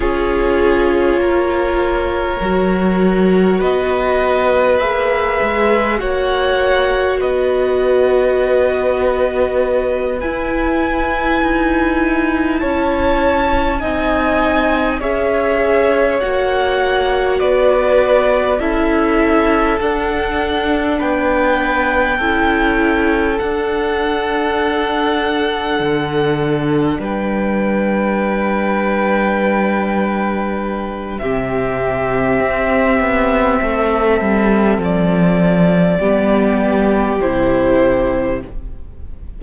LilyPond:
<<
  \new Staff \with { instrumentName = "violin" } { \time 4/4 \tempo 4 = 50 cis''2. dis''4 | e''4 fis''4 dis''2~ | dis''8 gis''2 a''4 gis''8~ | gis''8 e''4 fis''4 d''4 e''8~ |
e''8 fis''4 g''2 fis''8~ | fis''2~ fis''8 g''4.~ | g''2 e''2~ | e''4 d''2 c''4 | }
  \new Staff \with { instrumentName = "violin" } { \time 4/4 gis'4 ais'2 b'4~ | b'4 cis''4 b'2~ | b'2~ b'8 cis''4 dis''8~ | dis''8 cis''2 b'4 a'8~ |
a'4. b'4 a'4.~ | a'2~ a'8 b'4.~ | b'2 g'2 | a'2 g'2 | }
  \new Staff \with { instrumentName = "viola" } { \time 4/4 f'2 fis'2 | gis'4 fis'2.~ | fis'8 e'2. dis'8~ | dis'8 gis'4 fis'2 e'8~ |
e'8 d'2 e'4 d'8~ | d'1~ | d'2 c'2~ | c'2 b4 e'4 | }
  \new Staff \with { instrumentName = "cello" } { \time 4/4 cis'4 ais4 fis4 b4 | ais8 gis8 ais4 b2~ | b8 e'4 dis'4 cis'4 c'8~ | c'8 cis'4 ais4 b4 cis'8~ |
cis'8 d'4 b4 cis'4 d'8~ | d'4. d4 g4.~ | g2 c4 c'8 b8 | a8 g8 f4 g4 c4 | }
>>